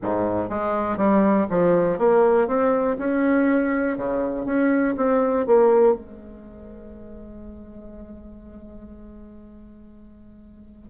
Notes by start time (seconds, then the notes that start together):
0.02 G#2
0.49 G#3
0.97 G3
1.50 F3
1.98 A#3
2.47 C4
2.98 C#4
3.97 C#3
4.45 C#4
4.97 C4
5.46 A#3
5.94 G#3